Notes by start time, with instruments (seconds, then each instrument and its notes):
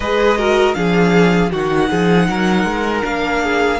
0.00 cello G#3, viola G#4, violin B4 D#5
0.37 viola F#4, violin A#4
0.74 cello F3, viola D4, violin G#4 F5
1.51 cello D#3, viola D#4, violin F#4 F#5
1.90 cello F3, violin G#4
2.29 cello F#3, violin A#4
2.64 cello G#3
3.02 cello A#3, viola D4, violin F5
3.43 violin G#4